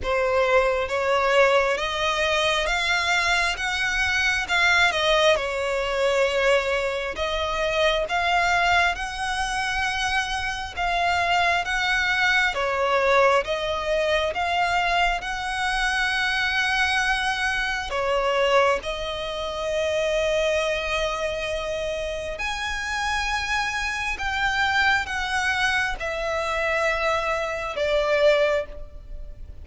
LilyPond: \new Staff \with { instrumentName = "violin" } { \time 4/4 \tempo 4 = 67 c''4 cis''4 dis''4 f''4 | fis''4 f''8 dis''8 cis''2 | dis''4 f''4 fis''2 | f''4 fis''4 cis''4 dis''4 |
f''4 fis''2. | cis''4 dis''2.~ | dis''4 gis''2 g''4 | fis''4 e''2 d''4 | }